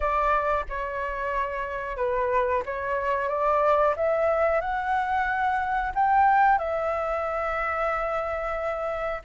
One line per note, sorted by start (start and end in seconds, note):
0.00 0.65 D5
0.69 1.97 C#5
1.97 2.63 B4
2.65 3.28 C#5
3.28 3.94 D5
3.96 4.60 E5
4.60 5.92 F#5
5.95 6.58 G5
6.58 9.22 E5